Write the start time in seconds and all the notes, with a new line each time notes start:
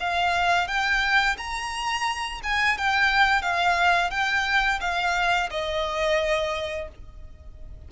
0.00 F5
0.68 G5
1.38 A#5
2.43 G#5
2.77 G5
3.42 F5
4.11 G5
4.81 F5
5.50 D#5